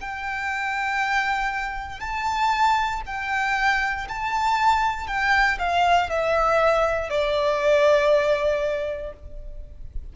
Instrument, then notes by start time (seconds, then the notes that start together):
violin
0.00 G5
2.00 A5
3.06 G5
4.08 A5
5.07 G5
5.58 F5
6.09 E5
7.09 D5